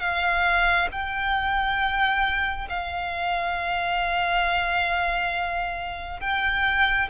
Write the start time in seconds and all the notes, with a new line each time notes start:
0.00 F5
0.92 G5
2.69 F5
6.20 G5